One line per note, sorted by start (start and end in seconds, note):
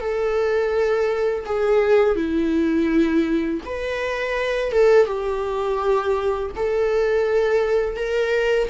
0.00 1.45 A4
1.45 2.15 G#4
2.15 3.60 E4
3.65 4.72 B4
4.72 5.06 A4
5.06 6.50 G4
6.56 7.96 A4
7.96 8.68 A#4